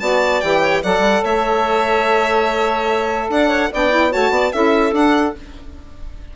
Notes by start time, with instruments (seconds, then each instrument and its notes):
0.00 bassoon B3, saxophone F#4, clarinet D5, violin A5
0.41 bassoon E3, saxophone G4, violin G5
0.61 clarinet C#5
0.83 bassoon F#3, saxophone A4, clarinet D5, violin F#5
1.00 bassoon G3
1.23 bassoon A3, clarinet C#5, violin E5
3.29 bassoon D4, clarinet D5, violin F#5
3.48 clarinet C#5
3.72 bassoon B3, saxophone D4, clarinet D5, violin G5
3.91 saxophone E4
4.11 bassoon A3, saxophone F#4, clarinet C#5, violin A5
4.31 bassoon B3, clarinet D5
4.52 bassoon C#4, saxophone E4, clarinet A4, violin E5
4.93 bassoon D4, saxophone D4, violin F#5